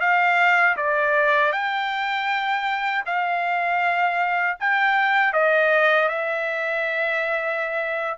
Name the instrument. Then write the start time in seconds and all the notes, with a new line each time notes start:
trumpet
0.00 F5
0.77 D5
1.52 G5
3.06 F5
4.60 G5
5.33 D#5
6.09 E5